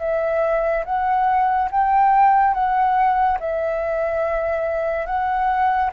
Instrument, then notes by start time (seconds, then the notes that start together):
flute
0.00 E5
0.85 F#5
1.71 G5
2.54 F#5
3.40 E5
5.06 F#5